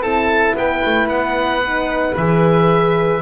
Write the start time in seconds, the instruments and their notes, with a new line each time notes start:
0.00 double bass C4, horn E4, flute A4, oboe A5
0.55 double bass B3, flute B4, oboe G5
0.85 double bass A3
1.08 double bass B3, oboe F#5
1.64 horn D#4
2.17 double bass E3, horn G#4, oboe E5